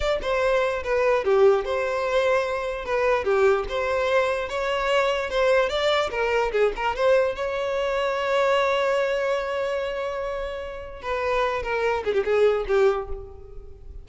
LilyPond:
\new Staff \with { instrumentName = "violin" } { \time 4/4 \tempo 4 = 147 d''8 c''4. b'4 g'4 | c''2. b'4 | g'4 c''2 cis''4~ | cis''4 c''4 d''4 ais'4 |
gis'8 ais'8 c''4 cis''2~ | cis''1~ | cis''2. b'4~ | b'8 ais'4 gis'16 g'16 gis'4 g'4 | }